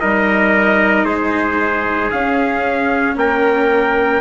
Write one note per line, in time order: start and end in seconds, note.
0.00 1.05 G3
0.00 2.11 D#4
0.00 1.05 A#4
0.00 1.05 D#5
1.05 2.10 G#3
1.05 3.16 G#4
1.05 2.10 C5
2.11 4.21 C#4
2.11 3.16 C#4
2.11 3.16 F5
3.16 4.21 A#3
3.16 4.21 A#4
3.16 4.21 G5